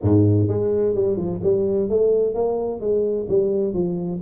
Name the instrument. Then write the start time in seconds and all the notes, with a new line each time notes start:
tuba
0.02 G#2
0.48 G#3
0.94 G3
1.17 F3
1.43 G3
1.89 A3
2.34 A#3
2.80 G#3
3.29 G3
3.73 F3